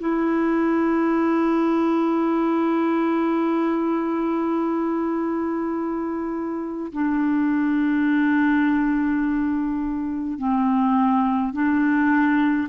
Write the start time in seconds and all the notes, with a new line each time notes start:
0.00 E4
6.92 D4
10.38 C4
11.53 D4